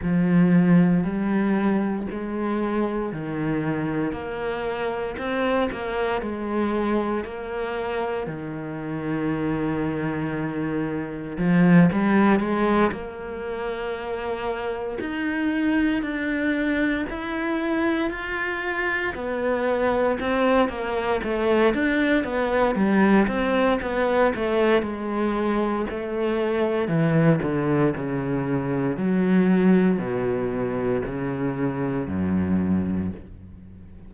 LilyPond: \new Staff \with { instrumentName = "cello" } { \time 4/4 \tempo 4 = 58 f4 g4 gis4 dis4 | ais4 c'8 ais8 gis4 ais4 | dis2. f8 g8 | gis8 ais2 dis'4 d'8~ |
d'8 e'4 f'4 b4 c'8 | ais8 a8 d'8 b8 g8 c'8 b8 a8 | gis4 a4 e8 d8 cis4 | fis4 b,4 cis4 fis,4 | }